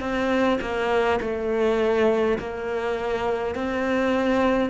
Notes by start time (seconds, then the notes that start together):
0.00 C4
0.61 A#3
1.20 A3
2.39 A#3
3.55 C4